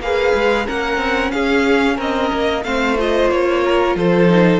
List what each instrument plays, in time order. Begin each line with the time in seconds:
0.00 cello A#3, viola G#4, violin B4 F5
0.35 cello G#3
0.66 cello A#3, viola C#4, violin A#4 F#5
0.97 cello C4
1.31 cello C#4, violin G#4 F5
1.97 cello C4, violin A#4 D#5
2.33 cello A#3
2.64 cello A3, viola C4, violin C5 F5
2.98 viola F4, violin D#5
3.30 cello A#3, violin C#5
3.64 violin A#4
3.95 cello F3, violin A4 C5
4.29 viola D#4